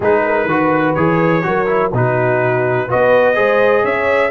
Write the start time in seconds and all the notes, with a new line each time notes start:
0.00 G#3 D#4 G#4 B4
0.26 A#4
0.45 D#3 F#4 B4
0.94 E3 G#4 C#5
1.42 F#3 F#4 A#4
1.66 E4
1.92 B2 D#4 F#4 B4
2.87 B3 F#4 B4 D#5
3.34 G#3 G#4 C5
3.82 C#4 C#5 E5